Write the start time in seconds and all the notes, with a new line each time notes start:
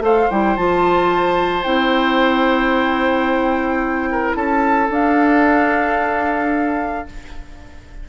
0.00 A3 A4 C5 F5
0.31 G3 E4 G5
0.57 F3 F4 A5
1.64 C4 E4 G5
4.11 A#4
4.35 C#4 A4 A5
4.90 D4 F5